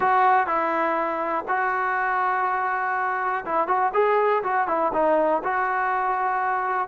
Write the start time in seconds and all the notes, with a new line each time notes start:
0.00 F#4
0.46 E4
1.48 F#4
3.45 E4
3.67 F#4
3.93 G#4
4.43 F#4
4.67 E4
4.93 D#4
5.43 F#4